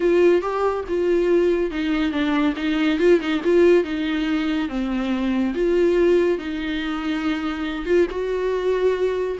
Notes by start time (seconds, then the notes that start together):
0.00 F4
0.41 G4
0.88 F4
1.70 D#4
2.11 D4
2.56 D#4
2.99 F4
3.20 D#4
3.44 F4
3.84 D#4
4.68 C4
5.54 F4
6.38 D#4
7.85 F4
8.10 F#4